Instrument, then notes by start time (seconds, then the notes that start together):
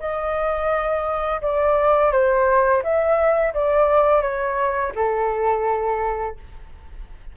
flute
0.00 D#5
1.42 D5
2.12 C5
2.83 E5
3.54 D5
4.22 C#5
4.95 A4